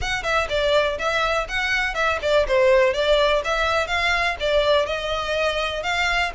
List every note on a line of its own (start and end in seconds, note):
0.01 0.23 F#5
0.23 0.47 E5
0.49 0.98 D5
0.98 1.47 E5
1.48 1.94 F#5
1.94 2.18 E5
2.22 2.46 D5
2.47 2.93 C5
2.93 3.42 D5
3.44 3.87 E5
3.87 4.35 F5
4.40 4.86 D5
4.86 5.82 D#5
5.82 6.31 F5